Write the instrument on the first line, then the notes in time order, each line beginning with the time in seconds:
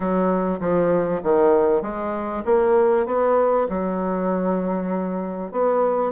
bassoon
0.00 F#3
0.60 F3
1.23 D#3
1.82 G#3
2.45 A#3
3.06 B3
3.69 F#3
5.51 B3